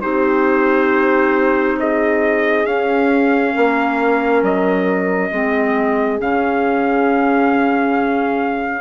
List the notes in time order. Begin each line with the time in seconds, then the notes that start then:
0.00 C4 D#4 G4 C5
1.79 G#4 D#5
2.65 C#4 F5
3.54 A#3 A#4
4.42 F#3 D#5
5.31 G#3 C4 G#4
6.19 C#3 C#4 F5